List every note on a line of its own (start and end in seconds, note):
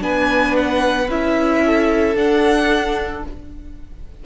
0.00 1.09 B3
0.00 1.07 D4
0.00 1.65 B4
0.00 0.56 G#5
0.56 1.10 F#5
1.09 2.16 C#4
1.09 2.16 E4
1.09 2.17 E5
1.65 3.26 A4
2.16 3.23 D4
2.16 3.24 F#5